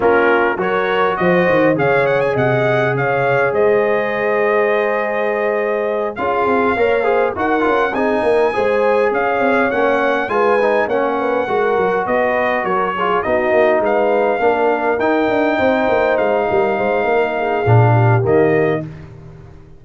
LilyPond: <<
  \new Staff \with { instrumentName = "trumpet" } { \time 4/4 \tempo 4 = 102 ais'4 cis''4 dis''4 f''8 fis''16 gis''16 | fis''4 f''4 dis''2~ | dis''2~ dis''8 f''4.~ | f''8 fis''4 gis''2 f''8~ |
f''8 fis''4 gis''4 fis''4.~ | fis''8 dis''4 cis''4 dis''4 f''8~ | f''4. g''2 f''8~ | f''2. dis''4 | }
  \new Staff \with { instrumentName = "horn" } { \time 4/4 f'4 ais'4 c''4 cis''4 | dis''4 cis''4 c''2~ | c''2~ c''8 gis'4 cis''8 | c''8 ais'4 gis'8 ais'8 c''4 cis''8~ |
cis''4. b'4 cis''8 b'8 ais'8~ | ais'8 b'4 ais'8 gis'8 fis'4 b'8~ | b'8 ais'2 c''4. | ais'8 c''8 ais'8 gis'4 g'4. | }
  \new Staff \with { instrumentName = "trombone" } { \time 4/4 cis'4 fis'2 gis'4~ | gis'1~ | gis'2~ gis'8 f'4 ais'8 | gis'8 fis'8 f'8 dis'4 gis'4.~ |
gis'8 cis'4 f'8 dis'8 cis'4 fis'8~ | fis'2 f'8 dis'4.~ | dis'8 d'4 dis'2~ dis'8~ | dis'2 d'4 ais4 | }
  \new Staff \with { instrumentName = "tuba" } { \time 4/4 ais4 fis4 f8 dis8 cis4 | c4 cis4 gis2~ | gis2~ gis8 cis'8 c'8 ais8~ | ais8 dis'8 cis'8 c'8 ais8 gis4 cis'8 |
c'8 ais4 gis4 ais4 gis8 | fis8 b4 fis4 b8 ais8 gis8~ | gis8 ais4 dis'8 d'8 c'8 ais8 gis8 | g8 gis8 ais4 ais,4 dis4 | }
>>